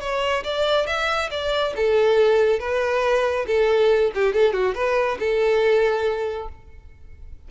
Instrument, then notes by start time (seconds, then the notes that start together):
violin
0.00 C#5
0.44 D5
0.86 E5
1.30 D5
1.76 A4
2.59 B4
3.47 A4
4.14 G4
4.33 A4
4.53 F#4
4.75 B4
5.19 A4